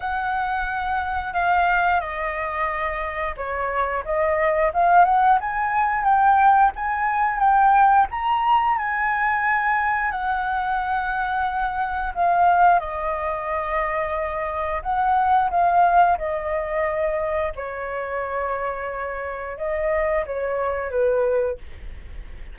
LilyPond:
\new Staff \with { instrumentName = "flute" } { \time 4/4 \tempo 4 = 89 fis''2 f''4 dis''4~ | dis''4 cis''4 dis''4 f''8 fis''8 | gis''4 g''4 gis''4 g''4 | ais''4 gis''2 fis''4~ |
fis''2 f''4 dis''4~ | dis''2 fis''4 f''4 | dis''2 cis''2~ | cis''4 dis''4 cis''4 b'4 | }